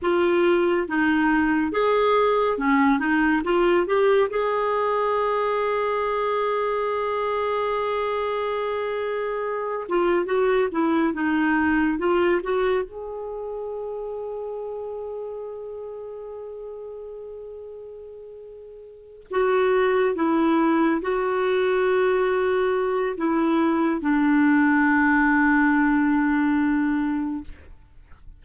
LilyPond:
\new Staff \with { instrumentName = "clarinet" } { \time 4/4 \tempo 4 = 70 f'4 dis'4 gis'4 cis'8 dis'8 | f'8 g'8 gis'2.~ | gis'2.~ gis'8 f'8 | fis'8 e'8 dis'4 f'8 fis'8 gis'4~ |
gis'1~ | gis'2~ gis'8 fis'4 e'8~ | e'8 fis'2~ fis'8 e'4 | d'1 | }